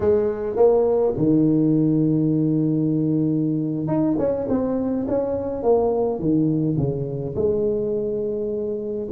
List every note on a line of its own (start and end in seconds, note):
0.00 0.56 G#3
0.56 1.13 A#3
1.17 3.87 D#3
3.87 4.15 D#4
4.18 4.47 C#4
4.48 5.06 C4
5.08 5.62 C#4
5.62 6.19 A#3
6.19 6.77 D#3
6.77 7.34 C#3
7.35 9.08 G#3